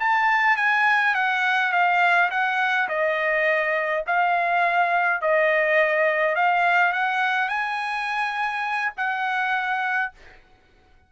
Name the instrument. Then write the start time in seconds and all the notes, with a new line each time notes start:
trumpet
0.00 A5
0.57 G#5
1.15 F#5
1.72 F5
2.31 F#5
2.89 D#5
4.07 F5
5.22 D#5
6.36 F5
6.93 F#5
7.48 G#5
8.97 F#5